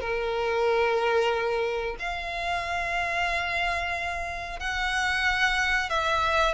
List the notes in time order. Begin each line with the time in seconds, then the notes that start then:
0.00 A#4
1.99 F5
4.59 F#5
5.89 E5